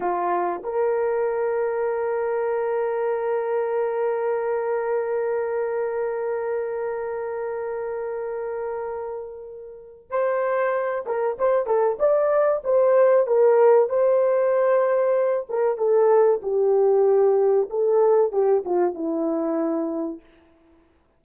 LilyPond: \new Staff \with { instrumentName = "horn" } { \time 4/4 \tempo 4 = 95 f'4 ais'2.~ | ais'1~ | ais'1~ | ais'1 |
c''4. ais'8 c''8 a'8 d''4 | c''4 ais'4 c''2~ | c''8 ais'8 a'4 g'2 | a'4 g'8 f'8 e'2 | }